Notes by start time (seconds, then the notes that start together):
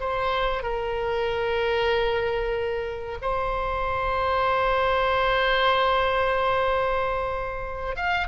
0.00 C5
0.63 A#4
3.21 C5
7.96 F5